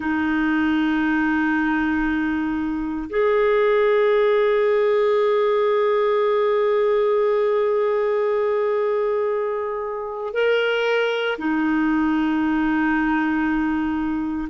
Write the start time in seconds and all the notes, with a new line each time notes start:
0.00 D#4
3.09 G#4
10.33 A#4
11.37 D#4